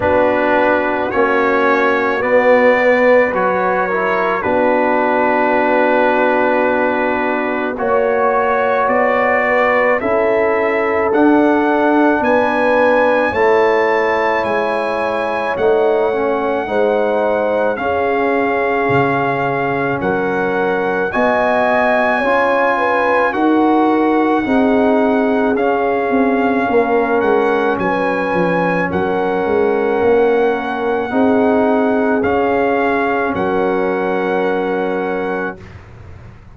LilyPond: <<
  \new Staff \with { instrumentName = "trumpet" } { \time 4/4 \tempo 4 = 54 b'4 cis''4 d''4 cis''4 | b'2. cis''4 | d''4 e''4 fis''4 gis''4 | a''4 gis''4 fis''2 |
f''2 fis''4 gis''4~ | gis''4 fis''2 f''4~ | f''8 fis''8 gis''4 fis''2~ | fis''4 f''4 fis''2 | }
  \new Staff \with { instrumentName = "horn" } { \time 4/4 fis'2~ fis'8 b'4 ais'8 | fis'2. cis''4~ | cis''8 b'8 a'2 b'4 | cis''2. c''4 |
gis'2 ais'4 dis''4 | cis''8 b'8 ais'4 gis'2 | ais'4 b'4 ais'2 | gis'2 ais'2 | }
  \new Staff \with { instrumentName = "trombone" } { \time 4/4 d'4 cis'4 b4 fis'8 e'8 | d'2. fis'4~ | fis'4 e'4 d'2 | e'2 dis'8 cis'8 dis'4 |
cis'2. fis'4 | f'4 fis'4 dis'4 cis'4~ | cis'1 | dis'4 cis'2. | }
  \new Staff \with { instrumentName = "tuba" } { \time 4/4 b4 ais4 b4 fis4 | b2. ais4 | b4 cis'4 d'4 b4 | a4 gis4 a4 gis4 |
cis'4 cis4 fis4 b4 | cis'4 dis'4 c'4 cis'8 c'8 | ais8 gis8 fis8 f8 fis8 gis8 ais4 | c'4 cis'4 fis2 | }
>>